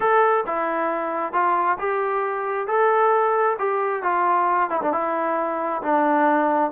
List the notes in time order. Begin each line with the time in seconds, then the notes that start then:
0.00 A4
0.46 E4
1.32 F4
1.78 G4
2.67 A4
3.58 G4
4.03 F4
4.70 E4
4.81 D4
4.92 E4
5.82 D4